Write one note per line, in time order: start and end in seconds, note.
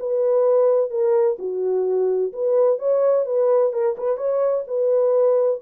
0.00 0.91 B4
0.91 1.37 A#4
1.39 2.33 F#4
2.33 2.79 B4
2.79 3.26 C#5
3.26 3.73 B4
3.73 3.97 A#4
3.98 4.17 B4
4.17 4.64 C#5
4.67 5.61 B4